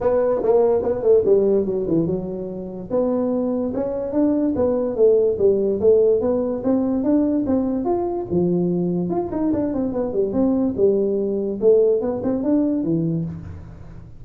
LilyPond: \new Staff \with { instrumentName = "tuba" } { \time 4/4 \tempo 4 = 145 b4 ais4 b8 a8 g4 | fis8 e8 fis2 b4~ | b4 cis'4 d'4 b4 | a4 g4 a4 b4 |
c'4 d'4 c'4 f'4 | f2 f'8 dis'8 d'8 c'8 | b8 g8 c'4 g2 | a4 b8 c'8 d'4 e4 | }